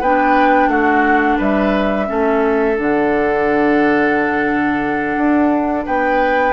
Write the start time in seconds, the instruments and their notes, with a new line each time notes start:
0.00 bassoon B3, clarinet D4, oboe B4, flute G5
0.67 bassoon A3, oboe F#4, flute F#5
1.37 bassoon G3, oboe B4, flute E5
2.06 bassoon A3, clarinet C#4, oboe A4
2.76 bassoon D3, clarinet D4, flute F#5
5.17 bassoon D4
5.85 bassoon B3, oboe B4, flute G5